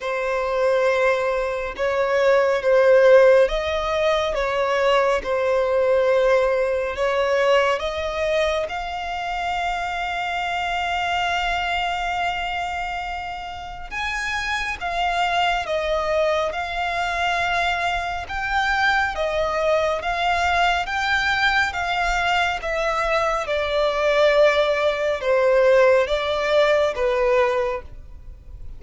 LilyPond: \new Staff \with { instrumentName = "violin" } { \time 4/4 \tempo 4 = 69 c''2 cis''4 c''4 | dis''4 cis''4 c''2 | cis''4 dis''4 f''2~ | f''1 |
gis''4 f''4 dis''4 f''4~ | f''4 g''4 dis''4 f''4 | g''4 f''4 e''4 d''4~ | d''4 c''4 d''4 b'4 | }